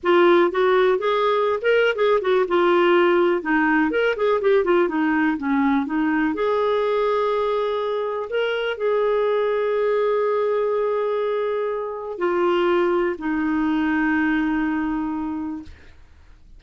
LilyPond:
\new Staff \with { instrumentName = "clarinet" } { \time 4/4 \tempo 4 = 123 f'4 fis'4 gis'4~ gis'16 ais'8. | gis'8 fis'8 f'2 dis'4 | ais'8 gis'8 g'8 f'8 dis'4 cis'4 | dis'4 gis'2.~ |
gis'4 ais'4 gis'2~ | gis'1~ | gis'4 f'2 dis'4~ | dis'1 | }